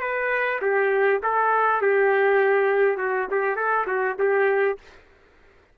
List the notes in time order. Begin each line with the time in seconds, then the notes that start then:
0.00 B4
0.62 G4
1.23 A4
1.81 G4
2.97 F#4
3.31 G4
3.56 A4
3.86 F#4
4.18 G4